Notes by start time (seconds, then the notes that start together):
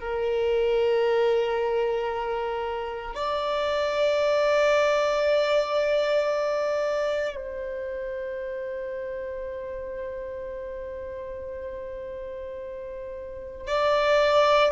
0.00 A#4
3.15 D5
7.36 C5
13.68 D5